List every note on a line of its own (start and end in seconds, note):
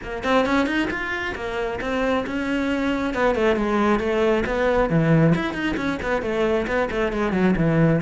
0.03 0.23 A#3
0.23 0.45 C4
0.45 0.66 C#4
0.66 0.88 D#4
0.90 1.34 F4
1.35 1.79 A#3
1.80 2.25 C4
2.26 3.14 C#4
3.14 3.35 B3
3.35 3.56 A3
3.56 3.99 G#3
3.99 4.43 A3
4.46 4.89 B3
4.89 5.34 E3
5.35 5.53 E4
5.53 5.75 D#4
5.76 5.98 C#4
6.02 6.22 B3
6.22 6.66 A3
6.67 6.89 B3
6.90 7.12 A3
7.12 7.32 G#3
7.32 7.54 F#3
7.56 8.01 E3